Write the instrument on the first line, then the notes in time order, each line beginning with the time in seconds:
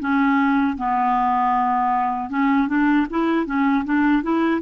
clarinet
0.00 C#4
0.78 B3
2.30 C#4
2.68 D4
3.10 E4
3.46 C#4
3.85 D4
4.23 E4